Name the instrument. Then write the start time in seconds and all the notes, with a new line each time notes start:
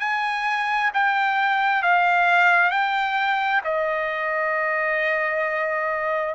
trumpet
0.00 G#5
0.94 G5
1.83 F5
2.71 G5
3.64 D#5